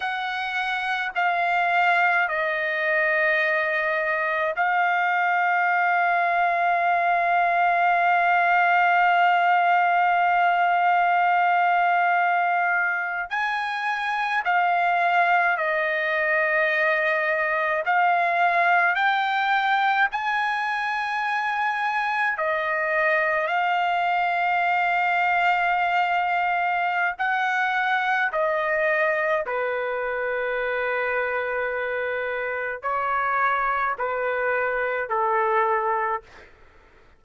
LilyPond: \new Staff \with { instrumentName = "trumpet" } { \time 4/4 \tempo 4 = 53 fis''4 f''4 dis''2 | f''1~ | f''2.~ f''8. gis''16~ | gis''8. f''4 dis''2 f''16~ |
f''8. g''4 gis''2 dis''16~ | dis''8. f''2.~ f''16 | fis''4 dis''4 b'2~ | b'4 cis''4 b'4 a'4 | }